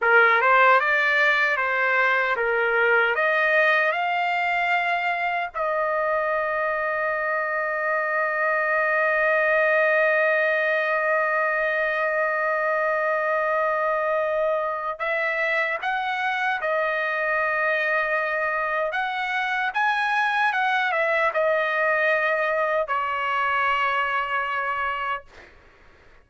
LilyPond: \new Staff \with { instrumentName = "trumpet" } { \time 4/4 \tempo 4 = 76 ais'8 c''8 d''4 c''4 ais'4 | dis''4 f''2 dis''4~ | dis''1~ | dis''1~ |
dis''2. e''4 | fis''4 dis''2. | fis''4 gis''4 fis''8 e''8 dis''4~ | dis''4 cis''2. | }